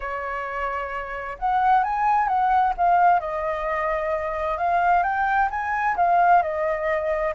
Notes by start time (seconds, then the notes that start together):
0.00 C#5
1.38 F#5
1.83 G#5
2.28 F#5
2.77 F5
3.20 D#5
4.57 F5
5.03 G5
5.50 G#5
5.96 F5
6.42 D#5